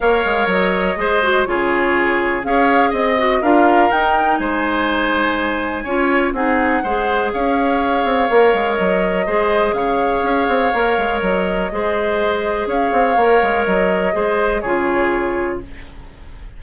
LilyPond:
<<
  \new Staff \with { instrumentName = "flute" } { \time 4/4 \tempo 4 = 123 f''4 dis''2 cis''4~ | cis''4 f''4 dis''4 f''4 | g''4 gis''2.~ | gis''4 fis''2 f''4~ |
f''2 dis''2 | f''2. dis''4~ | dis''2 f''2 | dis''2 cis''2 | }
  \new Staff \with { instrumentName = "oboe" } { \time 4/4 cis''2 c''4 gis'4~ | gis'4 cis''4 dis''4 ais'4~ | ais'4 c''2. | cis''4 gis'4 c''4 cis''4~ |
cis''2. c''4 | cis''1 | c''2 cis''2~ | cis''4 c''4 gis'2 | }
  \new Staff \with { instrumentName = "clarinet" } { \time 4/4 ais'2 gis'8 fis'8 f'4~ | f'4 gis'4. fis'8 f'4 | dis'1 | f'4 dis'4 gis'2~ |
gis'4 ais'2 gis'4~ | gis'2 ais'2 | gis'2. ais'4~ | ais'4 gis'4 f'2 | }
  \new Staff \with { instrumentName = "bassoon" } { \time 4/4 ais8 gis8 fis4 gis4 cis4~ | cis4 cis'4 c'4 d'4 | dis'4 gis2. | cis'4 c'4 gis4 cis'4~ |
cis'8 c'8 ais8 gis8 fis4 gis4 | cis4 cis'8 c'8 ais8 gis8 fis4 | gis2 cis'8 c'8 ais8 gis8 | fis4 gis4 cis2 | }
>>